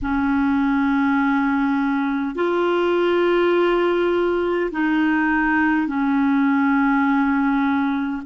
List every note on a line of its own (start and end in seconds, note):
0.02 2.35 C#4
2.35 4.70 F4
4.71 5.87 D#4
5.87 8.22 C#4